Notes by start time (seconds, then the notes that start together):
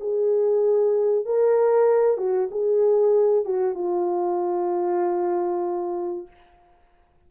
0.00 G#4
1.25 A#4
2.17 F#4
2.51 G#4
3.45 F#4
3.75 F4